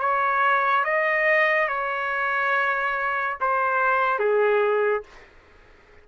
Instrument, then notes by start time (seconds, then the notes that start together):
trumpet
0.00 C#5
0.85 D#5
1.69 C#5
3.41 C5
4.19 G#4